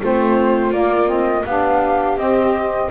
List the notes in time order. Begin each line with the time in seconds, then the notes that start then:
0.00 A3 C4 F4 C5
0.72 A#3 D5
1.07 C4 D#5
1.45 B3 D4 G4 F5
2.17 C4 D#5